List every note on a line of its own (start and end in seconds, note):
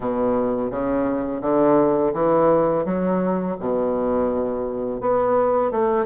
0.00 0.70 B2
0.70 1.41 C#3
1.41 2.12 D3
2.13 2.85 E3
2.85 3.56 F#3
3.59 5.00 B2
5.00 5.71 B3
5.71 6.05 A3